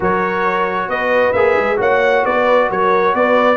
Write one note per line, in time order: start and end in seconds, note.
0.00 0.88 F#3
0.00 1.34 F#4
0.00 0.88 A#4
0.00 0.89 C#5
0.88 1.33 B3
0.88 1.79 B4
0.88 1.32 D#5
1.32 1.56 A#3
1.32 1.76 G#4
1.32 1.77 E5
1.57 1.79 G#3
1.76 2.24 A#3
1.76 3.56 F#4
1.76 2.23 C#5
1.76 2.25 F#5
2.23 2.70 B3
2.23 2.68 B4
2.23 2.69 D5
2.69 3.14 F#3
2.69 3.14 A#4
2.69 3.15 C#5
3.14 3.56 B3
3.14 3.56 B4
3.14 3.56 D5